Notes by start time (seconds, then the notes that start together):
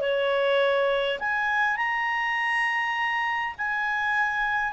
0.00 C#5
1.19 G#5
1.77 A#5
3.58 G#5